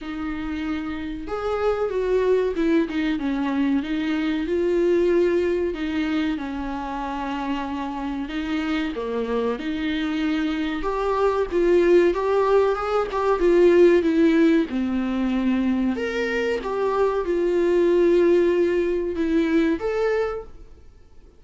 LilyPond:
\new Staff \with { instrumentName = "viola" } { \time 4/4 \tempo 4 = 94 dis'2 gis'4 fis'4 | e'8 dis'8 cis'4 dis'4 f'4~ | f'4 dis'4 cis'2~ | cis'4 dis'4 ais4 dis'4~ |
dis'4 g'4 f'4 g'4 | gis'8 g'8 f'4 e'4 c'4~ | c'4 ais'4 g'4 f'4~ | f'2 e'4 a'4 | }